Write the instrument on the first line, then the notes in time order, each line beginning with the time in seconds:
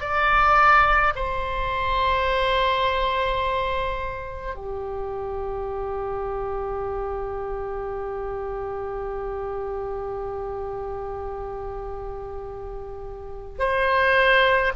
oboe
0.00 D5
1.15 C5
4.55 G4
13.59 C5